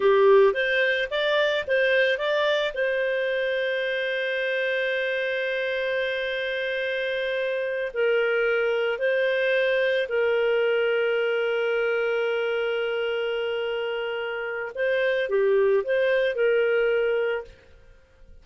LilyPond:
\new Staff \with { instrumentName = "clarinet" } { \time 4/4 \tempo 4 = 110 g'4 c''4 d''4 c''4 | d''4 c''2.~ | c''1~ | c''2~ c''8 ais'4.~ |
ais'8 c''2 ais'4.~ | ais'1~ | ais'2. c''4 | g'4 c''4 ais'2 | }